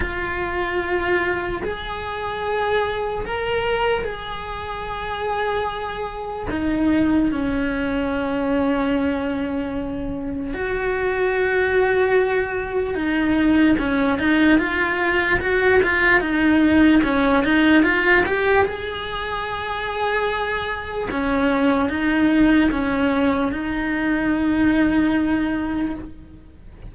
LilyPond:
\new Staff \with { instrumentName = "cello" } { \time 4/4 \tempo 4 = 74 f'2 gis'2 | ais'4 gis'2. | dis'4 cis'2.~ | cis'4 fis'2. |
dis'4 cis'8 dis'8 f'4 fis'8 f'8 | dis'4 cis'8 dis'8 f'8 g'8 gis'4~ | gis'2 cis'4 dis'4 | cis'4 dis'2. | }